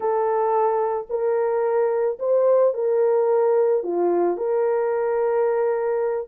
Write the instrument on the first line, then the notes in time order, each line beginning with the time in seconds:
horn
0.00 A4
1.09 A#4
2.19 C5
2.74 A#4
3.83 F4
4.37 A#4